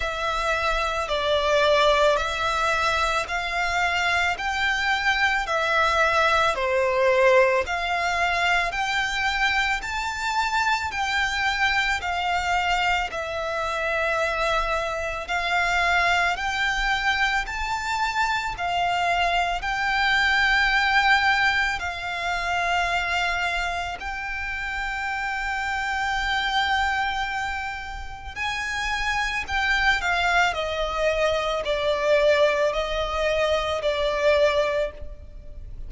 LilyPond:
\new Staff \with { instrumentName = "violin" } { \time 4/4 \tempo 4 = 55 e''4 d''4 e''4 f''4 | g''4 e''4 c''4 f''4 | g''4 a''4 g''4 f''4 | e''2 f''4 g''4 |
a''4 f''4 g''2 | f''2 g''2~ | g''2 gis''4 g''8 f''8 | dis''4 d''4 dis''4 d''4 | }